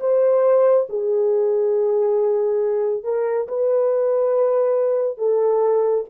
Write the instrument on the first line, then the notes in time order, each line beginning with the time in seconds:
horn
0.00 C5
0.89 G#4
3.04 A#4
3.48 B4
5.17 A4